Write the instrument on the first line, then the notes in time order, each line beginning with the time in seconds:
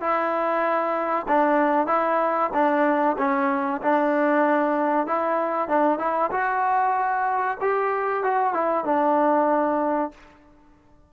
trombone
0.00 E4
1.28 D4
1.86 E4
2.53 D4
3.18 C#4
3.81 D4
5.07 E4
5.68 D4
5.98 E4
6.31 F#4
7.60 G4
8.23 F#4
8.53 E4
8.84 D4